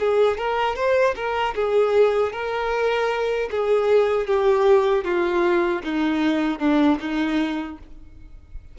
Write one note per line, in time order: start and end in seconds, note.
0.00 0.38 G#4
0.38 0.76 A#4
0.76 1.15 C5
1.16 1.55 A#4
1.55 2.33 G#4
2.33 3.50 A#4
3.51 4.27 G#4
4.27 5.04 G4
5.04 5.82 F4
5.84 6.60 D#4
6.60 6.98 D4
7.01 7.79 D#4